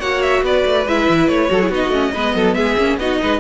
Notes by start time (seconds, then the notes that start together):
0.00 A#3 F#4 C#5 F#5
0.22 E5
0.43 B3 B4 D5
0.65 A3
0.87 G#3 E4 E5
1.09 E3
1.29 A3 C#5
1.49 F#3 F#4 A4
1.61 E4 G#4
1.70 B3 D#4 F#4 D#5
1.89 A3 C#4
2.15 G#3 B3 B4
2.35 F#3 A4
2.54 G#3 G#4 E5
2.78 A#3 C#4
2.98 B3 D#4 F#4 D#5
3.21 G#3 B4